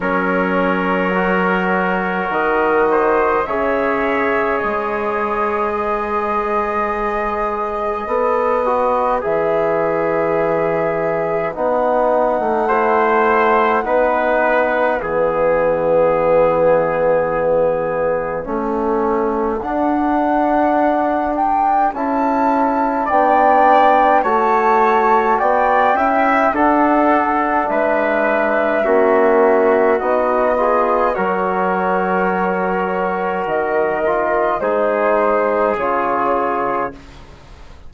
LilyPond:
<<
  \new Staff \with { instrumentName = "flute" } { \time 4/4 \tempo 4 = 52 cis''2 dis''4 e''4 | dis''1 | e''2 fis''2~ | fis''4 e''2.~ |
e''4 fis''4. g''8 a''4 | g''4 a''4 g''4 fis''4 | e''2 dis''4 cis''4~ | cis''4 dis''4 c''4 cis''4 | }
  \new Staff \with { instrumentName = "trumpet" } { \time 4/4 ais'2~ ais'8 c''8 cis''4~ | cis''4 b'2.~ | b'2. c''4 | b'4 gis'2. |
a'1 | d''4 cis''4 d''8 e''8 a'4 | b'4 fis'4. gis'8 ais'4~ | ais'2 gis'2 | }
  \new Staff \with { instrumentName = "trombone" } { \time 4/4 cis'4 fis'2 gis'4~ | gis'2. a'8 fis'8 | gis'2 dis'4 e'4 | dis'4 b2. |
cis'4 d'2 e'4 | d'4 fis'4. e'8 d'4~ | d'4 cis'4 dis'8 f'8 fis'4~ | fis'4. f'8 dis'4 f'4 | }
  \new Staff \with { instrumentName = "bassoon" } { \time 4/4 fis2 dis4 cis4 | gis2. b4 | e2 b8. a4~ a16 | b4 e2. |
a4 d'2 cis'4 | b4 a4 b8 cis'8 d'4 | gis4 ais4 b4 fis4~ | fis4 dis4 gis4 cis4 | }
>>